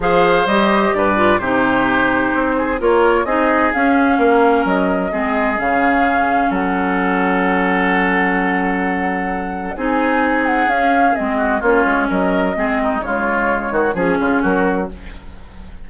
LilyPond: <<
  \new Staff \with { instrumentName = "flute" } { \time 4/4 \tempo 4 = 129 f''4 dis''4 d''4 c''4~ | c''2 cis''4 dis''4 | f''2 dis''2 | f''2 fis''2~ |
fis''1~ | fis''4 gis''4. fis''8 f''4 | dis''4 cis''4 dis''2 | cis''2 gis'4 ais'4 | }
  \new Staff \with { instrumentName = "oboe" } { \time 4/4 c''2 b'4 g'4~ | g'4. gis'8 ais'4 gis'4~ | gis'4 ais'2 gis'4~ | gis'2 a'2~ |
a'1~ | a'4 gis'2.~ | gis'8 fis'8 f'4 ais'4 gis'8 dis'8 | f'4. fis'8 gis'8 f'8 fis'4 | }
  \new Staff \with { instrumentName = "clarinet" } { \time 4/4 gis'4 g'4. f'8 dis'4~ | dis'2 f'4 dis'4 | cis'2. c'4 | cis'1~ |
cis'1~ | cis'4 dis'2 cis'4 | c'4 cis'2 c'4 | gis2 cis'2 | }
  \new Staff \with { instrumentName = "bassoon" } { \time 4/4 f4 g4 g,4 c4~ | c4 c'4 ais4 c'4 | cis'4 ais4 fis4 gis4 | cis2 fis2~ |
fis1~ | fis4 c'2 cis'4 | gis4 ais8 gis8 fis4 gis4 | cis4. dis8 f8 cis8 fis4 | }
>>